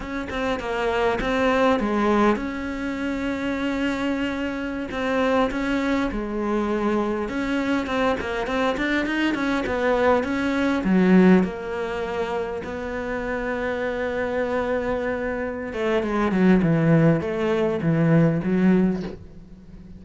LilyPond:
\new Staff \with { instrumentName = "cello" } { \time 4/4 \tempo 4 = 101 cis'8 c'8 ais4 c'4 gis4 | cis'1~ | cis'16 c'4 cis'4 gis4.~ gis16~ | gis16 cis'4 c'8 ais8 c'8 d'8 dis'8 cis'16~ |
cis'16 b4 cis'4 fis4 ais8.~ | ais4~ ais16 b2~ b8.~ | b2~ b8 a8 gis8 fis8 | e4 a4 e4 fis4 | }